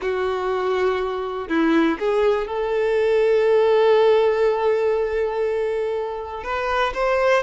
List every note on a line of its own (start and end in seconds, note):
0.01 1.48 F#4
1.48 1.98 E4
1.99 2.47 G#4
2.47 6.43 A4
6.43 6.93 B4
6.94 7.43 C5